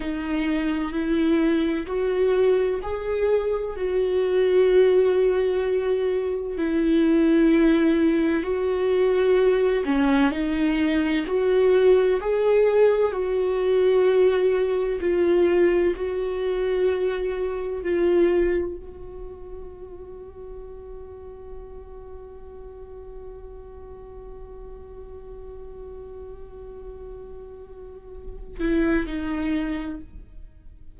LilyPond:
\new Staff \with { instrumentName = "viola" } { \time 4/4 \tempo 4 = 64 dis'4 e'4 fis'4 gis'4 | fis'2. e'4~ | e'4 fis'4. cis'8 dis'4 | fis'4 gis'4 fis'2 |
f'4 fis'2 f'4 | fis'1~ | fis'1~ | fis'2~ fis'8 e'8 dis'4 | }